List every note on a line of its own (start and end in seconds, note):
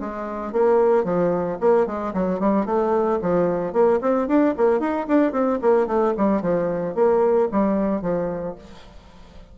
0.00 0.52 G#3
0.52 1.04 A#3
1.04 1.58 F3
1.61 1.87 A#3
1.87 2.13 G#3
2.14 2.40 F#3
2.40 2.66 G3
2.66 3.19 A3
3.22 3.73 F3
3.73 4.00 A#3
4.02 4.28 C4
4.28 4.54 D4
4.57 4.80 A#3
4.80 5.06 D#4
5.08 5.32 D4
5.32 5.59 C4
5.62 5.87 A#3
5.87 6.14 A3
6.17 6.42 G3
6.42 6.95 F3
6.95 7.49 A#3
7.52 8.02 G3
8.02 8.56 F3